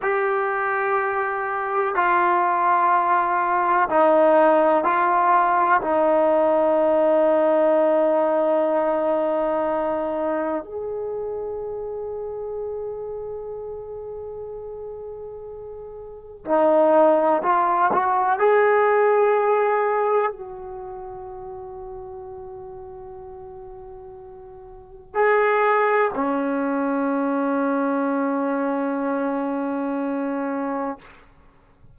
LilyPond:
\new Staff \with { instrumentName = "trombone" } { \time 4/4 \tempo 4 = 62 g'2 f'2 | dis'4 f'4 dis'2~ | dis'2. gis'4~ | gis'1~ |
gis'4 dis'4 f'8 fis'8 gis'4~ | gis'4 fis'2.~ | fis'2 gis'4 cis'4~ | cis'1 | }